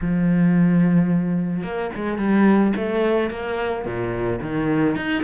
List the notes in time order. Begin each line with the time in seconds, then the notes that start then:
0.01 F3
1.63 A#3
1.95 G#3
2.18 G3
2.76 A3
3.30 A#3
3.85 A#2
4.41 D#3
4.95 D#4